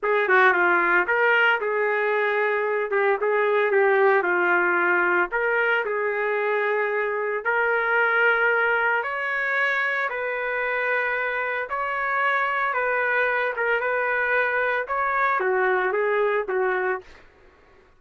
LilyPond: \new Staff \with { instrumentName = "trumpet" } { \time 4/4 \tempo 4 = 113 gis'8 fis'8 f'4 ais'4 gis'4~ | gis'4. g'8 gis'4 g'4 | f'2 ais'4 gis'4~ | gis'2 ais'2~ |
ais'4 cis''2 b'4~ | b'2 cis''2 | b'4. ais'8 b'2 | cis''4 fis'4 gis'4 fis'4 | }